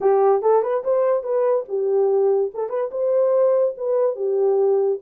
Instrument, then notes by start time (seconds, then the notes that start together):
horn
0.00 G4
0.41 A4
0.62 B4
0.84 C5
1.23 B4
1.68 G4
2.54 A4
2.69 B4
2.91 C5
3.77 B4
4.15 G4